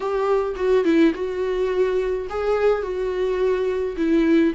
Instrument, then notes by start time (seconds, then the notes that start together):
viola
0.00 G4
0.56 F#4
0.84 E4
1.14 F#4
2.29 G#4
2.82 F#4
3.96 E4